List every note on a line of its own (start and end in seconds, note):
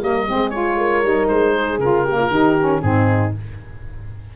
0.00 0.27 G3
0.00 0.26 A#3
0.00 0.27 A#4
0.00 0.50 D#5
0.27 1.04 G#3
0.27 0.52 C4
0.27 0.77 G#4
0.50 1.03 F4
0.50 1.27 C#5
0.77 1.53 A#4
1.03 1.29 G3
1.03 1.80 D#4
1.28 1.79 G#3
1.28 1.79 C5
1.53 2.04 G#4
1.79 2.30 C#3
1.79 2.07 F4
1.79 2.82 A#4
2.04 2.32 A#3
2.04 2.17 G4
2.19 2.31 F4
2.30 2.81 D#3
2.30 2.57 D#4
2.30 2.82 G4
2.59 2.83 C#4
2.82 3.34 G#2
2.82 3.35 C4
2.82 3.36 D#4
2.82 3.33 G#4